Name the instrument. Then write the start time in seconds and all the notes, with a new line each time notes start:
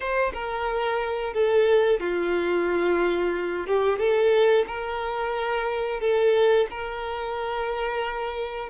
violin
0.00 C5
0.33 A#4
1.33 A4
2.00 F4
3.67 G4
3.98 A4
4.67 A#4
6.00 A4
6.70 A#4